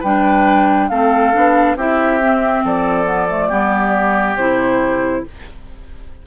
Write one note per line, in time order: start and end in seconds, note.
0.00 0.90 G3
0.00 0.91 D4
0.00 0.87 B4
0.00 0.89 G5
0.89 1.34 A3
0.89 1.34 C4
0.89 1.77 A4
0.89 1.76 F5
1.34 1.76 B3
1.34 1.77 D4
1.76 2.63 C4
1.76 2.21 E4
1.76 2.64 G4
1.76 2.66 E5
2.21 3.06 C4
2.64 3.51 F3
2.64 3.49 A4
2.64 4.37 D5
3.06 3.28 B3
3.30 3.51 A3
3.49 4.37 G3
3.49 4.38 B3
3.49 5.23 G4
4.37 5.24 C3
4.37 5.27 E4
4.37 5.24 C5